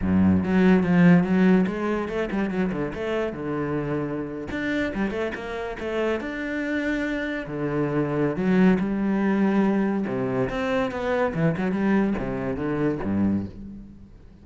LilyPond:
\new Staff \with { instrumentName = "cello" } { \time 4/4 \tempo 4 = 143 fis,4 fis4 f4 fis4 | gis4 a8 g8 fis8 d8 a4 | d2~ d8. d'4 g16~ | g16 a8 ais4 a4 d'4~ d'16~ |
d'4.~ d'16 d2~ d16 | fis4 g2. | c4 c'4 b4 e8 fis8 | g4 c4 d4 g,4 | }